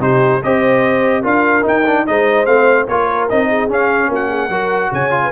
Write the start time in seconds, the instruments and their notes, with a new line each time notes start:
0.00 tuba C3, trombone D#4, horn G4, trumpet C5
0.43 tuba C4, trombone G4, horn C5, trumpet D#5
1.22 tuba D4, trombone F4, horn A#4, trumpet F5
1.62 trombone D#4, trumpet G5
1.68 tuba D#4
1.86 trombone D4
2.07 tuba G#3, trombone D#4, horn C5, trumpet D#5
2.46 tuba A3, trombone C4, trumpet F5
2.88 tuba A#3, trombone F4, horn A#4, trumpet C#5
3.30 tuba C4, trombone D#4, trumpet D#5
3.49 horn G#4
3.69 trombone C#4, tuba C#4, trumpet F5
4.09 tuba A#3, horn F#4, trumpet F#5
4.29 horn G#4
4.49 tuba F#3, trombone F#4, horn A#4
4.92 tuba C#3, horn C#5, trumpet G#5
5.11 trombone F4
5.24 horn B4